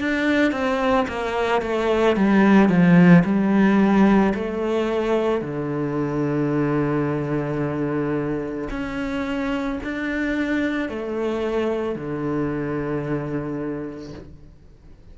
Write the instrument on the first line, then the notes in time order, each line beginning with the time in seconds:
cello
0.00 D4
0.52 C4
1.08 A#3
1.62 A3
2.16 G3
2.69 F3
3.24 G3
4.34 A3
5.41 D3
8.70 C#4
9.83 D4
10.89 A3
11.95 D3